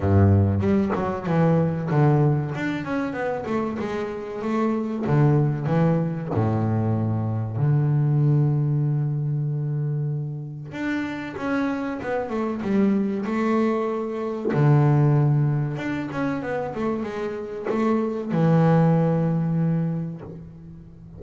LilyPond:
\new Staff \with { instrumentName = "double bass" } { \time 4/4 \tempo 4 = 95 g,4 g8 fis8 e4 d4 | d'8 cis'8 b8 a8 gis4 a4 | d4 e4 a,2 | d1~ |
d4 d'4 cis'4 b8 a8 | g4 a2 d4~ | d4 d'8 cis'8 b8 a8 gis4 | a4 e2. | }